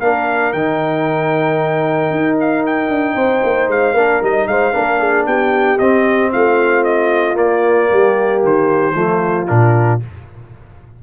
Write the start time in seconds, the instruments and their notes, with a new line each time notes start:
0.00 tuba A#3, trombone D4, horn A#4, trumpet F5
0.53 tuba D#3, trombone D#4, trumpet G5
2.11 tuba D#4
2.40 trumpet F5
2.66 trumpet G5
2.88 tuba D4
3.15 tuba C4, horn C5
3.43 tuba A#3
3.68 tuba G#3, trumpet F5
3.94 tuba A#3, trombone D4, horn A#4
4.22 tuba G3, trombone D#4, trumpet D#5
4.47 tuba G#3, horn C5, trumpet F5
4.73 tuba A#3, trombone D4, horn A#4
5.00 horn G#4
5.26 tuba B3, horn G4, trumpet G5
5.79 tuba C4, trombone C4, trumpet D#5
6.32 tuba A3, horn F4, trumpet F5
6.84 trumpet D#5
7.34 trombone A#3, tuba A#3, trumpet D5
7.90 tuba G3, horn G4
8.43 tuba D#3, trumpet C5
8.94 tuba F3, trombone A3, horn F4
9.47 tuba A#2, trombone D4, trumpet A#4